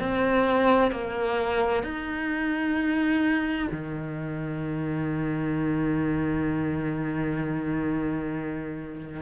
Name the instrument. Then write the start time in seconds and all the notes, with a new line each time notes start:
cello
0.00 C4
0.91 A#3
1.84 D#4
3.72 D#3